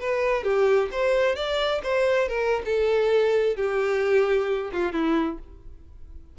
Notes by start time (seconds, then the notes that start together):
0.00 B4
0.44 G4
0.92 C5
1.36 D5
1.83 C5
2.28 A#4
2.65 A4
3.57 G4
4.73 F4
4.93 E4